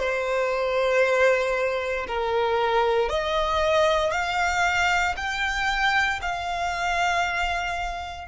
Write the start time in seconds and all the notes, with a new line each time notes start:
0.00 C5
2.07 A#4
3.09 D#5
4.12 F5
5.17 G5
6.22 F5